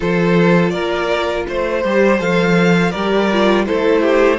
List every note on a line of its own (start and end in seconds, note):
0.00 0.73 F3
0.00 1.82 F4
0.00 0.71 A4
0.00 0.70 C5
0.70 1.46 A#3
0.70 1.45 A#4
0.70 1.43 D5
1.47 1.84 A3
1.47 2.90 C5
1.47 2.20 C5
1.83 2.20 G3
1.83 2.19 G4
2.19 2.93 F3
2.19 2.92 A4
2.19 2.91 F5
2.90 3.68 G3
2.90 3.31 G4
2.90 3.64 A#4
2.90 3.64 D5
3.31 3.66 F4
3.66 4.38 A3
3.66 4.38 E4
3.66 4.01 A4
3.66 4.38 C5
4.01 4.38 G4